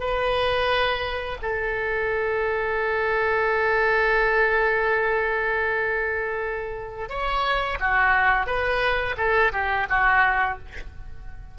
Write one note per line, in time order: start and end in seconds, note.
0.00 1.38 B4
1.42 7.09 A4
7.09 7.78 C#5
7.80 8.46 F#4
8.46 9.15 B4
9.18 9.52 A4
9.52 9.87 G4
9.90 10.59 F#4